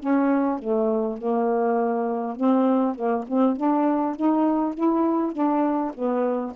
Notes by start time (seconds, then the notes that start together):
0.00 C#4
0.59 A3
1.18 A#3
2.37 C4
2.96 A#3
3.28 C4
3.57 D4
4.17 D#4
4.75 E4
5.33 D4
5.94 B3